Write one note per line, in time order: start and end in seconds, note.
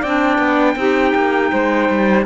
0.00 0.38 C4
0.00 0.77 D4
0.00 0.74 D5
0.00 2.25 G5
0.38 0.75 B3
0.76 1.13 C4
0.76 2.25 D#4
0.76 1.52 G4
1.15 1.52 A#3
1.52 1.89 G#3
1.52 2.26 C5
1.89 2.26 G3